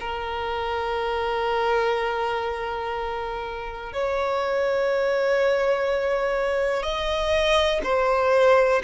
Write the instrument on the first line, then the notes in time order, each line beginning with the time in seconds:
violin
0.00 A#4
3.93 C#5
6.83 D#5
7.84 C5